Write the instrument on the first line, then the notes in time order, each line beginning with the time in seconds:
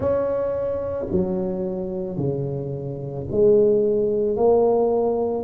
tuba
0.00 C#4
1.11 F#3
2.17 C#3
3.31 G#3
4.36 A#3